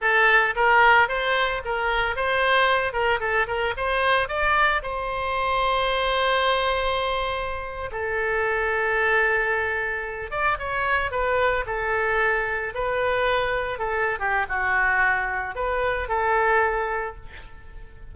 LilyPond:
\new Staff \with { instrumentName = "oboe" } { \time 4/4 \tempo 4 = 112 a'4 ais'4 c''4 ais'4 | c''4. ais'8 a'8 ais'8 c''4 | d''4 c''2.~ | c''2~ c''8. a'4~ a'16~ |
a'2.~ a'16 d''8 cis''16~ | cis''8. b'4 a'2 b'16~ | b'4.~ b'16 a'8. g'8 fis'4~ | fis'4 b'4 a'2 | }